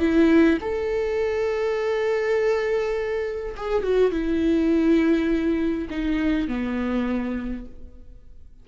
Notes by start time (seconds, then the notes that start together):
0.00 E4
0.61 A4
3.56 G#4
3.83 F#4
4.11 E4
5.90 D#4
6.48 B3